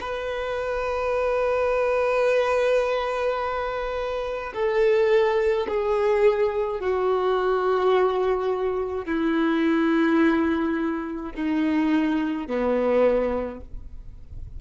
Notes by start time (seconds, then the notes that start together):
0.00 B4
4.54 A4
5.68 G#4
6.80 F#4
9.06 E4
11.35 D#4
12.47 B3